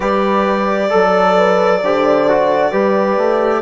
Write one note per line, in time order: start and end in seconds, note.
0.00 0.91 G3
0.00 0.90 G4
0.00 0.90 B4
0.00 3.61 D5
0.90 1.82 F#3
0.90 1.80 A4
0.90 1.36 A4
1.37 1.82 B4
1.82 2.72 D3
1.82 2.28 G4
1.82 2.71 C5
2.28 2.71 F#4
2.71 3.17 G3
2.71 3.61 G4
2.71 3.61 B4
3.17 3.61 A3